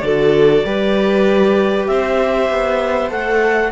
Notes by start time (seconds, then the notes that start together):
0.00 D3 F#4 A4 D5
0.65 G3 G4 B4
1.87 C4 C5 E5
2.50 B3
3.09 A3 A4 F#5